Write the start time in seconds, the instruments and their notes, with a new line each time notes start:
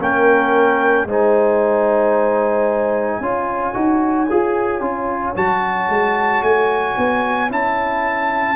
0.00 tuba A#3, trombone C#4, horn A#4, trumpet G5
1.05 tuba G#3, trombone D#4, horn C5, trumpet G#5
3.21 tuba C#4, trombone F4, horn C#5
3.74 tuba D#4, trombone F#4
4.31 tuba F4, trombone G#4
4.81 tuba C#4, trombone F4
5.36 tuba F#3, trombone F#4, trumpet A5
5.90 tuba G#3
6.42 tuba A3, trumpet G#5
6.98 tuba B3
7.50 tuba C#4, trombone E4, trumpet A5